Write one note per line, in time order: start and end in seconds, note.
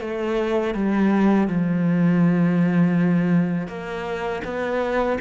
0.00 0.74 A3
0.74 1.47 G3
1.47 3.67 F3
3.67 4.41 A#3
4.44 5.18 B3